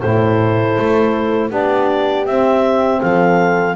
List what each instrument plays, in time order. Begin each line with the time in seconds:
0.00 double bass A2, saxophone E4, horn A4, clarinet C5
0.77 double bass A3
1.49 double bass B3, saxophone D4, horn G4, clarinet D5
2.25 double bass C4, saxophone C4, clarinet E5
3.01 double bass F3, horn A4, clarinet F5